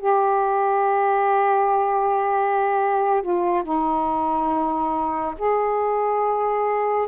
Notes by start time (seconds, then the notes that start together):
0.00 G4
3.21 F4
3.63 D#4
5.38 G#4